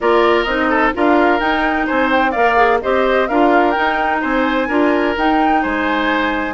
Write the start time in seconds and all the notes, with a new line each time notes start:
0.00 A#3 F4 A#4 D5
0.43 C4 D#4 D#5
0.69 A4
0.93 D4 F4 A#4 F5
1.39 D#4 G5
1.86 C4 C5 G#5
2.11 G5
2.31 A#3 A#4 D5 F5
2.56 G#4
2.81 C4 G4 C5 D#5
3.28 D4 F4 A#4 F5
3.70 D#4 G5
3.77 D#4
4.21 C4 C5 G#5
4.68 D4 F4 A#4
5.17 D#4 G5
5.62 G#3 C5 G#5